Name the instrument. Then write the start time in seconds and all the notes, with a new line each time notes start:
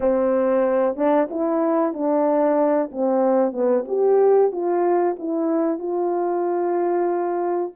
horn
0.00 C4
0.96 D4
1.30 E4
1.93 D4
2.91 C4
3.52 B3
3.87 G4
4.52 F4
5.18 E4
5.78 F4